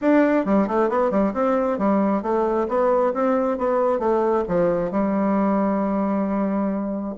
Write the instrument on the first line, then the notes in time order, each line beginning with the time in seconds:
bassoon
0.01 D4
0.45 G3
0.67 A3
0.89 B3
1.11 G3
1.33 C4
1.78 G3
2.22 A3
2.68 B3
3.13 C4
3.57 B3
3.99 A3
4.48 F3
4.91 G3